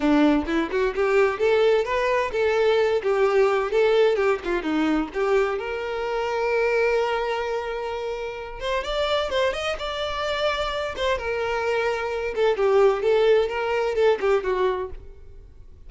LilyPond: \new Staff \with { instrumentName = "violin" } { \time 4/4 \tempo 4 = 129 d'4 e'8 fis'8 g'4 a'4 | b'4 a'4. g'4. | a'4 g'8 f'8 dis'4 g'4 | ais'1~ |
ais'2~ ais'8 c''8 d''4 | c''8 dis''8 d''2~ d''8 c''8 | ais'2~ ais'8 a'8 g'4 | a'4 ais'4 a'8 g'8 fis'4 | }